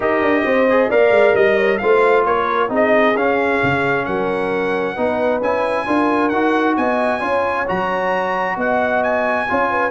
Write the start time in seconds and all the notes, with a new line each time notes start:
0.00 D#4 G4 A#4 D#5
0.21 D4
0.45 C4 C5
0.69 G#4
0.89 A#3 A#4 D5 F5
1.10 G#3
1.34 G3 D#5
1.56 C#5
1.78 A3 F4 C5 F5
2.25 A#3 A#4 C#5
2.68 C4 D#4 G#4
2.75 D#5
3.15 C#4 F5
3.63 C#3
4.05 F#3 A#4 F#5
4.94 B3 D#4 B4
5.40 C#4 E4 G#5
5.86 D4 F4 A#4
6.29 D#4 F#4 F#5
6.76 B3 D#5 G#5
7.19 C#4 F4 C#5
7.67 F#3 F#4 A#5
8.56 B3 D#5 F#5
9.03 G#5
9.48 C#4 F4 C#5
9.70 B4